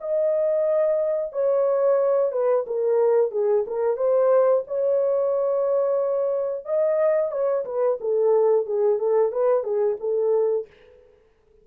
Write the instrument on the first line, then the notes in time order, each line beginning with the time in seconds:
horn
0.00 D#5
1.32 C#5
2.32 B4
2.66 A#4
3.31 G#4
3.66 A#4
3.97 C5
4.67 C#5
6.65 D#5
7.31 C#5
7.65 B4
8.00 A4
8.66 G#4
8.99 A4
9.32 B4
9.63 G#4
10.00 A4